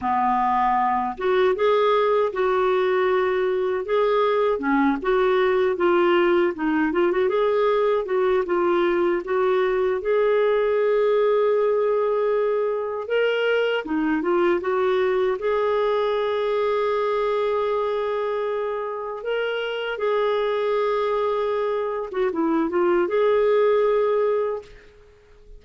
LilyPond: \new Staff \with { instrumentName = "clarinet" } { \time 4/4 \tempo 4 = 78 b4. fis'8 gis'4 fis'4~ | fis'4 gis'4 cis'8 fis'4 f'8~ | f'8 dis'8 f'16 fis'16 gis'4 fis'8 f'4 | fis'4 gis'2.~ |
gis'4 ais'4 dis'8 f'8 fis'4 | gis'1~ | gis'4 ais'4 gis'2~ | gis'8. fis'16 e'8 f'8 gis'2 | }